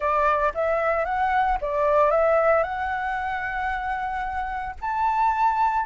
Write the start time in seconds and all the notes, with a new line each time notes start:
0.00 D5
0.54 E5
1.05 F#5
1.61 D5
2.10 E5
2.63 F#5
4.81 A5